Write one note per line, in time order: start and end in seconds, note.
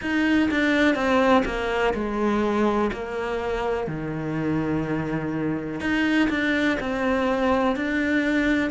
0.01 0.49 D#4
0.51 0.95 D4
0.95 1.43 C4
1.45 1.93 A#3
1.94 2.90 G#3
2.93 3.87 A#3
3.87 5.80 D#3
5.80 6.29 D#4
6.29 6.77 D4
6.80 7.76 C4
7.76 8.70 D4